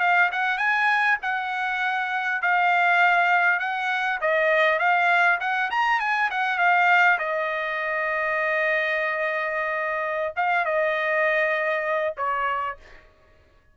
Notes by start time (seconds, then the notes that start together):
0.00 F5
0.32 F#5
0.58 G#5
1.22 F#5
2.42 F5
3.59 F#5
4.21 D#5
4.79 F5
5.40 F#5
5.71 A#5
6.00 G#5
6.31 F#5
6.58 F5
7.19 D#5
10.36 F5
10.65 D#5
12.17 C#5